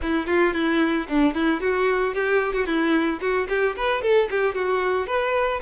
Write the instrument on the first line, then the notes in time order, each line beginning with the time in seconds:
violin
0.02 E4
0.26 F4
0.53 E4
1.08 D4
1.34 E4
1.60 F#4
2.14 G4
2.53 F#4
2.66 E4
3.20 F#4
3.48 G4
3.76 B4
4.02 A4
4.30 G4
4.54 F#4
5.06 B4